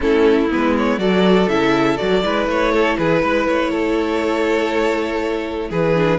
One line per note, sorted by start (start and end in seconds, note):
0.00 0.51 A3
0.00 0.48 C#4
0.00 1.00 E4
0.00 0.50 A4
0.50 0.98 G#3
0.50 0.99 B3
0.50 0.76 B4
0.77 0.99 C#5
0.98 1.47 F#3
0.98 1.49 F#4
0.98 2.24 A4
0.98 1.48 D5
1.48 1.98 C#3
1.48 1.97 E4
1.48 1.97 E5
1.97 2.23 F#3
1.97 2.22 F#4
1.97 2.46 D5
2.23 2.47 G#3
2.23 5.94 E4
2.23 2.72 B4
2.47 2.96 A3
2.47 2.97 C#5
2.72 2.97 A4
2.97 3.22 E3
2.97 3.21 G#4
2.97 3.46 B4
3.21 3.47 G#3
3.21 3.71 B4
3.47 5.71 A3
3.47 5.70 C#5
3.71 5.69 A4
5.70 6.19 E3
5.70 6.19 G#4
5.70 6.19 B4
5.94 6.19 D4